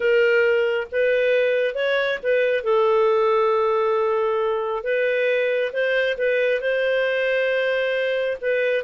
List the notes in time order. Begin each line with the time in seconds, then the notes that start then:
0.00 A#4
0.91 B4
1.74 C#5
2.23 B4
2.63 A4
4.83 B4
5.73 C5
6.17 B4
6.61 C5
8.41 B4